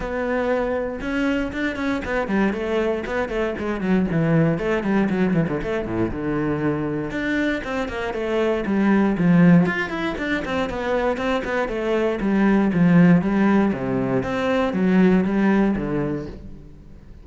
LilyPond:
\new Staff \with { instrumentName = "cello" } { \time 4/4 \tempo 4 = 118 b2 cis'4 d'8 cis'8 | b8 g8 a4 b8 a8 gis8 fis8 | e4 a8 g8 fis8 e16 d16 a8 a,8 | d2 d'4 c'8 ais8 |
a4 g4 f4 f'8 e'8 | d'8 c'8 b4 c'8 b8 a4 | g4 f4 g4 c4 | c'4 fis4 g4 d4 | }